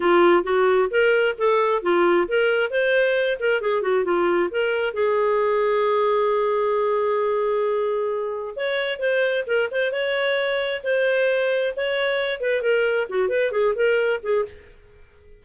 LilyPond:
\new Staff \with { instrumentName = "clarinet" } { \time 4/4 \tempo 4 = 133 f'4 fis'4 ais'4 a'4 | f'4 ais'4 c''4. ais'8 | gis'8 fis'8 f'4 ais'4 gis'4~ | gis'1~ |
gis'2. cis''4 | c''4 ais'8 c''8 cis''2 | c''2 cis''4. b'8 | ais'4 fis'8 b'8 gis'8 ais'4 gis'8 | }